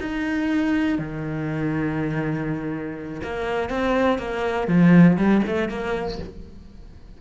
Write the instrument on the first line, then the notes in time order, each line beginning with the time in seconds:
cello
0.00 D#4
0.98 D#3
3.23 A#3
3.69 C4
4.18 A#3
4.67 F3
5.17 G3
5.47 A3
5.68 A#3